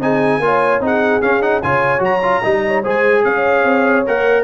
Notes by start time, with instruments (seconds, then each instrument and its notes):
0.00 tuba C4, trombone D#4, horn G#4, trumpet G#5
0.39 tuba A#3, trombone F4, horn C#5
0.80 tuba C4, trombone D#4, horn G#4
0.86 trumpet F#5
1.22 trombone C#4, tuba C#4, trumpet F5
1.42 trombone D#4, trumpet F#5
1.63 tuba C#3, trombone F4, horn C#5, trumpet G#5
1.99 tuba F#3, trombone F#4, trumpet A#5
2.23 trombone F4
2.43 tuba G3, trombone D#4, horn D#5
2.67 horn C#5
2.83 tuba G#3, trombone G#4, horn C5, trumpet G#5
3.25 tuba C#4, horn C#5, trumpet F5
3.64 tuba C4
4.07 tuba A#3, trombone A#4, trumpet F#5